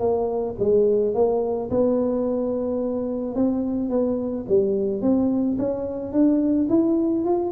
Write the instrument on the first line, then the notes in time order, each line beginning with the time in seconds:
tuba
0.00 A#3
0.60 G#3
1.15 A#3
1.71 B3
3.36 C4
3.90 B3
4.48 G3
5.02 C4
5.59 C#4
6.13 D4
6.69 E4
7.25 F4